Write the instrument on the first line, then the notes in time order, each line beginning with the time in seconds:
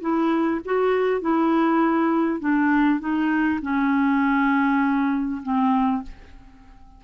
clarinet
0.00 E4
0.65 F#4
1.21 E4
2.39 D4
2.99 D#4
3.62 C#4
5.42 C4